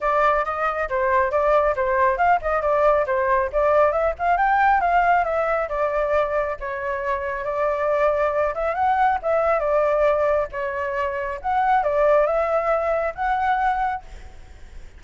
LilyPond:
\new Staff \with { instrumentName = "flute" } { \time 4/4 \tempo 4 = 137 d''4 dis''4 c''4 d''4 | c''4 f''8 dis''8 d''4 c''4 | d''4 e''8 f''8 g''4 f''4 | e''4 d''2 cis''4~ |
cis''4 d''2~ d''8 e''8 | fis''4 e''4 d''2 | cis''2 fis''4 d''4 | e''2 fis''2 | }